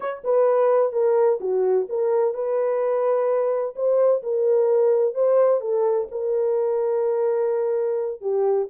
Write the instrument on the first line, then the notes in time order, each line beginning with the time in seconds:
horn
0.00 C#5
0.24 B4
0.92 A#4
1.40 F#4
1.89 A#4
2.34 B4
3.75 C5
4.22 A#4
5.14 C5
5.61 A4
6.11 A#4
8.21 G4